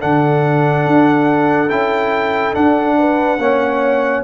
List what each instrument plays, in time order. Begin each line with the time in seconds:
0.00 tuba D3, trombone D4, horn A4, trumpet F#5
0.87 tuba D4
1.70 tuba C#4, trombone E4, trumpet G5
2.54 trombone D4, tuba D4, trumpet F#5
2.99 horn B4
3.39 tuba A#3, trombone C#4, horn C#5